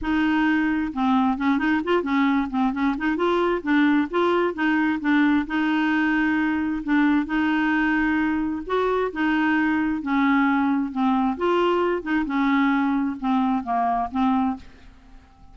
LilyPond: \new Staff \with { instrumentName = "clarinet" } { \time 4/4 \tempo 4 = 132 dis'2 c'4 cis'8 dis'8 | f'8 cis'4 c'8 cis'8 dis'8 f'4 | d'4 f'4 dis'4 d'4 | dis'2. d'4 |
dis'2. fis'4 | dis'2 cis'2 | c'4 f'4. dis'8 cis'4~ | cis'4 c'4 ais4 c'4 | }